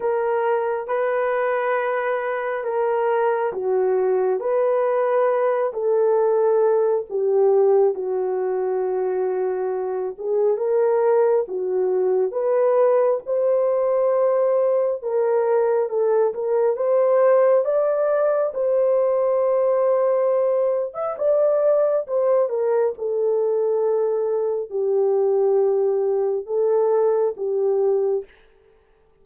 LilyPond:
\new Staff \with { instrumentName = "horn" } { \time 4/4 \tempo 4 = 68 ais'4 b'2 ais'4 | fis'4 b'4. a'4. | g'4 fis'2~ fis'8 gis'8 | ais'4 fis'4 b'4 c''4~ |
c''4 ais'4 a'8 ais'8 c''4 | d''4 c''2~ c''8. e''16 | d''4 c''8 ais'8 a'2 | g'2 a'4 g'4 | }